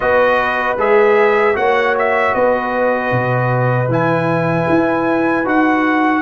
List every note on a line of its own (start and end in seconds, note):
0.00 0.77 B3
0.00 0.77 F#4
0.00 1.57 B4
0.00 0.76 D#5
0.77 1.55 G#3
0.77 1.54 G#4
0.77 1.56 E5
1.54 2.34 A#3
1.54 3.87 F#4
1.54 2.35 C#5
1.54 1.95 F#5
1.98 2.34 E5
2.34 3.11 B3
2.34 6.22 B4
2.34 3.90 D#5
3.11 3.88 B2
3.88 4.66 E3
3.88 5.44 E4
3.88 5.47 G#5
4.68 5.45 E4
5.44 6.22 D#4
5.44 6.22 F#4
5.44 6.22 F#5